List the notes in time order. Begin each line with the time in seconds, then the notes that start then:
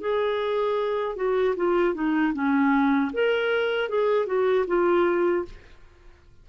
0.00 G#4
1.16 F#4
1.56 F4
1.94 D#4
2.33 C#4
3.13 A#4
3.89 G#4
4.26 F#4
4.67 F4